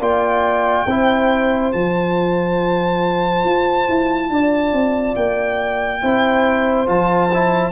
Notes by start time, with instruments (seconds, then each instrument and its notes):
0.00 tuba A#3, trombone F4, horn D5, violin G5
0.86 tuba C4, trombone E4, horn C5
1.72 tuba F3, trombone F4, violin A5
3.44 tuba F4
3.88 tuba E4
4.30 tuba D4, horn D5
4.73 tuba C4
5.15 tuba A#3, violin G5
6.01 tuba C4, trombone E4, horn C5
6.86 tuba F3, trombone F4, violin A5
7.33 trombone E4